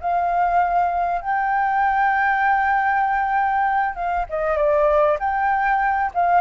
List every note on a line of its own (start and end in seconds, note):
0.00 1.21 F5
1.21 3.95 G5
3.95 4.26 F5
4.29 4.56 D#5
4.56 5.18 D5
5.19 6.11 G5
6.14 6.41 F5